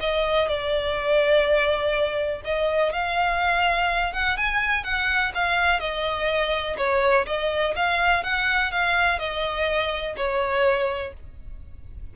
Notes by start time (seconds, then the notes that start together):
0.00 D#5
0.48 D5
2.44 D#5
2.92 F5
4.13 F#5
4.37 G#5
4.83 F#5
5.34 F5
5.80 D#5
6.77 C#5
7.26 D#5
7.75 F5
8.23 F#5
8.71 F5
9.19 D#5
10.16 C#5